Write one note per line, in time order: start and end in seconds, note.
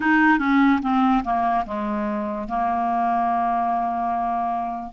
0.00 0.38 D#4
0.38 0.80 C#4
0.81 1.23 C4
1.23 1.64 A#3
1.66 2.48 G#3
2.48 4.92 A#3